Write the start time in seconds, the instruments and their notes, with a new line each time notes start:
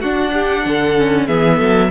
0.00 viola D4, cello D4, violin F#4 F#5
0.32 violin G4
0.66 cello D3, violin A4
0.97 viola C#4
1.27 cello E3, viola B3, violin G#4 E5
1.57 cello F#3, violin A4